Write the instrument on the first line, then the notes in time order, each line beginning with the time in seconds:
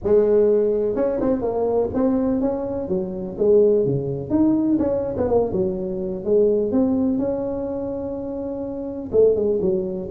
tuba
0.03 G#3
0.95 C#4
1.20 C4
1.41 A#3
1.94 C4
2.40 C#4
2.88 F#3
3.38 G#3
3.85 C#3
4.30 D#4
4.78 C#4
5.17 B3
5.28 A#3
5.52 F#3
6.24 G#3
6.71 C4
7.18 C#4
9.12 A3
9.35 G#3
9.61 F#3